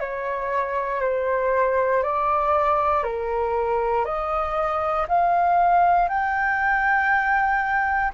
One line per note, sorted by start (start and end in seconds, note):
0.00 1.01 C#5
1.01 2.03 C5
2.03 3.04 D5
3.04 4.05 A#4
4.05 5.07 D#5
5.08 6.09 F5
6.09 8.12 G5